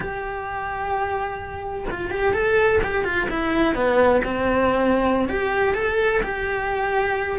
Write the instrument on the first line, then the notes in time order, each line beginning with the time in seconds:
cello
0.00 G4
1.90 F4
2.10 G4
2.33 A4
2.83 G4
3.04 F4
3.30 E4
3.74 B3
4.24 C4
5.28 G4
5.74 A4
6.22 G4